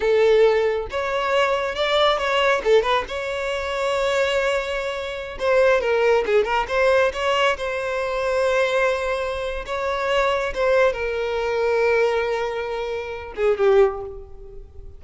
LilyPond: \new Staff \with { instrumentName = "violin" } { \time 4/4 \tempo 4 = 137 a'2 cis''2 | d''4 cis''4 a'8 b'8 cis''4~ | cis''1~ | cis''16 c''4 ais'4 gis'8 ais'8 c''8.~ |
c''16 cis''4 c''2~ c''8.~ | c''2 cis''2 | c''4 ais'2.~ | ais'2~ ais'8 gis'8 g'4 | }